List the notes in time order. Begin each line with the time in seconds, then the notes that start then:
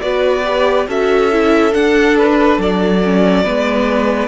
0.00 B3 F#4 B4 D5
0.45 G4
0.87 C#4 F#4 A4 E5
1.32 E4
1.72 D4 F#5
2.18 B4
2.59 F#3 D5
3.04 C#4
3.44 G#3 B3 B4